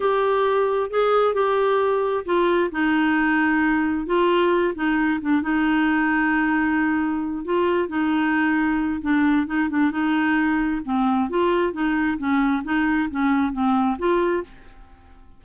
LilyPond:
\new Staff \with { instrumentName = "clarinet" } { \time 4/4 \tempo 4 = 133 g'2 gis'4 g'4~ | g'4 f'4 dis'2~ | dis'4 f'4. dis'4 d'8 | dis'1~ |
dis'8 f'4 dis'2~ dis'8 | d'4 dis'8 d'8 dis'2 | c'4 f'4 dis'4 cis'4 | dis'4 cis'4 c'4 f'4 | }